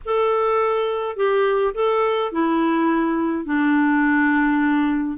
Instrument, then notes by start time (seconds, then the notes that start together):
clarinet
0.05 A4
1.16 G4
1.74 A4
2.32 E4
3.45 D4